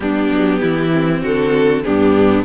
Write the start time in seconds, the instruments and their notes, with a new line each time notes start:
0.00 cello G3, viola B3, violin D4 G4
0.30 cello F#3
0.61 cello E3, violin E4
0.92 viola C4
1.21 cello D3, violin F#4 A4
1.84 cello G2, viola B3, violin D4 G4